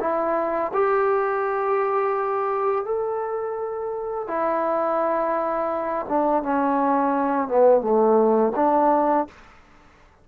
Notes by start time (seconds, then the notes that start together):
0.00 E4
0.74 G4
2.85 A4
4.28 E4
6.09 D4
6.43 C#4
7.48 B3
7.81 A3
8.56 D4